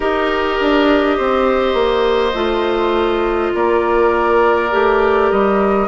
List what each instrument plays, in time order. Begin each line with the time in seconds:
0.00 bassoon D#4, clarinet G4, oboe A#4, flute D#5
0.60 bassoon D4
1.17 bassoon C4, oboe C5
1.73 bassoon A#3
2.34 bassoon A3, clarinet F4
3.54 bassoon A#3, oboe A#4, flute D5
4.70 bassoon A3, clarinet G4
5.31 bassoon G3, flute D#5